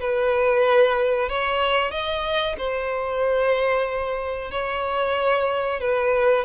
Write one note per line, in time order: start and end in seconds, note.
0.00 1.29 B4
1.29 1.91 C#5
1.91 2.56 D#5
2.58 4.51 C5
4.51 5.80 C#5
5.80 6.45 B4